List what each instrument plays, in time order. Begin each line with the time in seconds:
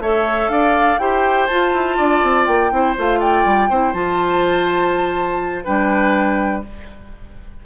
0.00 bassoon A3, clarinet A4, oboe C#5, flute E5
0.49 bassoon D4, oboe D5, flute F5
0.99 bassoon E4, clarinet G4, oboe C5, flute G5
1.47 clarinet F4, bassoon F4, flute A5
1.73 bassoon E4
1.97 bassoon D4, oboe D5
2.23 bassoon C4
2.46 bassoon A#3, flute G5
2.71 bassoon C4, clarinet E4, oboe C5
2.97 bassoon A3, clarinet F4, flute F5
3.20 oboe D5, flute G5
3.46 bassoon G3
3.70 bassoon C4, clarinet E4, oboe C5
3.94 bassoon F3, clarinet F4, flute A5
5.64 bassoon G3, clarinet D4, oboe B4, flute G5